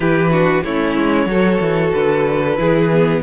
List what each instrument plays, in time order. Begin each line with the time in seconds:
0.00 cello E3, viola E4, violin G4 B4
0.31 viola D4, violin F#4
0.63 cello A3, viola C#4, violin E4 C#5
0.96 cello G#3
1.25 cello F#3, viola F#4, violin A4
1.60 cello E3
1.92 cello D3, violin B4
2.57 cello E3, viola E4, violin G#4
2.92 viola B3